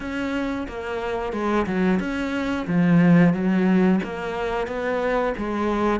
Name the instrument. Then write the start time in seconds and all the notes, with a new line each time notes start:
cello
0.00 C#4
0.68 A#3
1.32 G#3
1.66 F#3
1.99 C#4
2.67 F3
3.33 F#3
4.03 A#3
4.67 B3
5.37 G#3